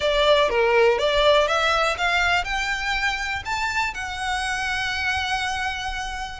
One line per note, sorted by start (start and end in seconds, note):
0.00 0.49 D5
0.49 0.98 A#4
0.98 1.47 D5
1.47 1.96 E5
1.97 2.44 F5
2.44 3.42 G5
3.45 3.94 A5
3.94 6.39 F#5